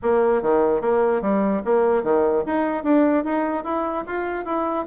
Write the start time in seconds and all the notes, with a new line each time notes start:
0.02 A#3
0.42 D#3
0.81 A#3
1.21 G3
1.65 A#3
2.03 D#3
2.46 D#4
2.83 D4
3.24 D#4
3.64 E4
4.06 F4
4.45 E4